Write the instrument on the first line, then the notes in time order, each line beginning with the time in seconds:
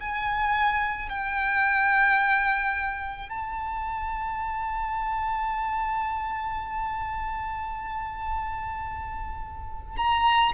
violin
0.00 G#5
1.10 G5
3.29 A5
9.97 A#5